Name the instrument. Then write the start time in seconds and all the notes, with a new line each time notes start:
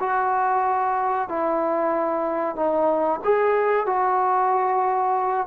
trombone
0.00 F#4
1.29 E4
2.56 D#4
3.25 G#4
3.87 F#4